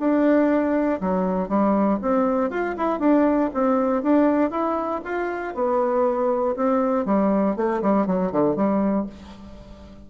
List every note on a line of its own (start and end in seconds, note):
0.00 1.01 D4
1.01 1.49 F#3
1.49 2.00 G3
2.02 2.50 C4
2.50 2.76 F4
2.77 3.00 E4
3.00 3.50 D4
3.54 4.03 C4
4.03 4.51 D4
4.51 5.01 E4
5.05 5.55 F4
5.55 6.56 B3
6.57 7.06 C4
7.06 7.57 G3
7.57 7.82 A3
7.82 8.07 G3
8.07 8.32 F#3
8.32 8.56 D3
8.56 9.07 G3